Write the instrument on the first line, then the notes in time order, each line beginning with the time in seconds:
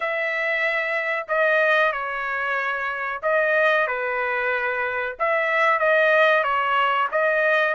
trumpet
0.00 E5
1.28 D#5
1.92 C#5
3.22 D#5
3.87 B4
5.19 E5
5.79 D#5
6.43 C#5
7.11 D#5